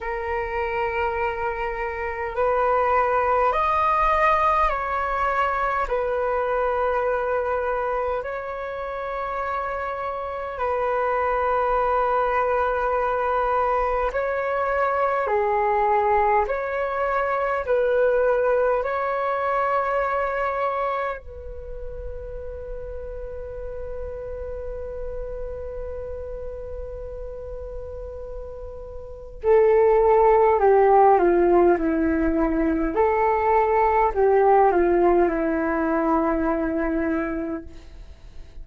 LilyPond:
\new Staff \with { instrumentName = "flute" } { \time 4/4 \tempo 4 = 51 ais'2 b'4 dis''4 | cis''4 b'2 cis''4~ | cis''4 b'2. | cis''4 gis'4 cis''4 b'4 |
cis''2 b'2~ | b'1~ | b'4 a'4 g'8 f'8 e'4 | a'4 g'8 f'8 e'2 | }